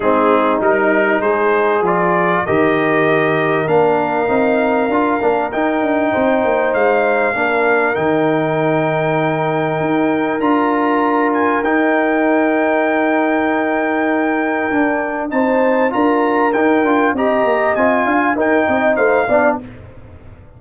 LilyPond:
<<
  \new Staff \with { instrumentName = "trumpet" } { \time 4/4 \tempo 4 = 98 gis'4 ais'4 c''4 d''4 | dis''2 f''2~ | f''4 g''2 f''4~ | f''4 g''2.~ |
g''4 ais''4. gis''8 g''4~ | g''1~ | g''4 a''4 ais''4 g''4 | ais''4 gis''4 g''4 f''4 | }
  \new Staff \with { instrumentName = "horn" } { \time 4/4 dis'2 gis'2 | ais'1~ | ais'2 c''2 | ais'1~ |
ais'1~ | ais'1~ | ais'4 c''4 ais'2 | dis''4. f''8 ais'8 dis''8 c''8 d''8 | }
  \new Staff \with { instrumentName = "trombone" } { \time 4/4 c'4 dis'2 f'4 | g'2 d'4 dis'4 | f'8 d'8 dis'2. | d'4 dis'2.~ |
dis'4 f'2 dis'4~ | dis'1 | d'4 dis'4 f'4 dis'8 f'8 | g'4 f'4 dis'4. d'8 | }
  \new Staff \with { instrumentName = "tuba" } { \time 4/4 gis4 g4 gis4 f4 | dis2 ais4 c'4 | d'8 ais8 dis'8 d'8 c'8 ais8 gis4 | ais4 dis2. |
dis'4 d'2 dis'4~ | dis'1 | d'4 c'4 d'4 dis'8 d'8 | c'8 ais8 c'8 d'8 dis'8 c'8 a8 b8 | }
>>